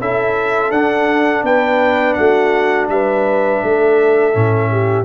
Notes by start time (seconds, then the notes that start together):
0.00 C#4 E4 A4 E5
0.70 D4 F#5
1.43 B3 B4 G5
2.14 A3 F#4 F#5
2.89 G3 B4 E5
3.63 A3 A4
4.33 A2 C#4
4.71 G4